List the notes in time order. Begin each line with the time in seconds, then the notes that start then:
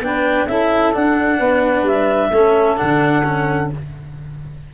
0.00 B3 D4 B4 G5
0.47 C#4 E4 A4 E5
0.93 D4 F#5
1.37 B3 B4
1.83 G3 E5
2.31 A3 C#4 A4
2.77 D3 D4 F#5
3.24 C#4